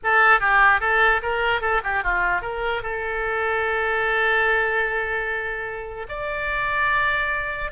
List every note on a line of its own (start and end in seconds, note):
0.03 0.40 A4
0.40 0.80 G4
0.80 1.21 A4
1.22 1.61 A#4
1.61 1.81 A4
1.83 2.03 G4
2.03 2.41 F4
2.41 2.82 A#4
2.82 6.06 A4
6.08 7.71 D5